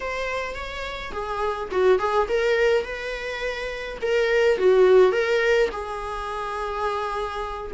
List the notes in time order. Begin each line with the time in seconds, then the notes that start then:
0.00 C5
0.55 C#5
1.12 G#4
1.71 F#4
1.98 G#4
2.28 A#4
2.83 B4
4.01 A#4
4.57 F#4
5.11 A#4
5.71 G#4